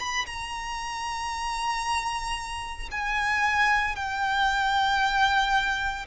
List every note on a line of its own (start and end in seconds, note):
0.00 0.26 B5
0.26 2.89 A#5
2.92 3.96 G#5
3.96 6.06 G5